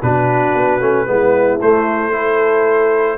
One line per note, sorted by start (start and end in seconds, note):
0.00 0.54 B2
0.00 0.80 D4
0.00 1.06 F#4
0.00 1.61 B4
0.54 0.79 B3
0.79 1.06 A3
0.79 1.06 C#4
1.06 1.60 G#3
1.06 1.59 B3
1.06 2.12 E4
1.61 3.18 A3
1.61 2.12 A3
1.61 3.18 C5
2.12 3.18 E4
2.12 3.18 A4